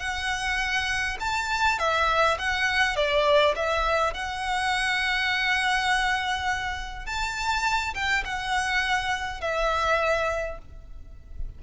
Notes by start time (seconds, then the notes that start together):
0.00 F#5
1.20 A5
1.79 E5
2.39 F#5
2.96 D5
3.56 E5
4.14 F#5
7.06 A5
7.94 G5
8.25 F#5
9.41 E5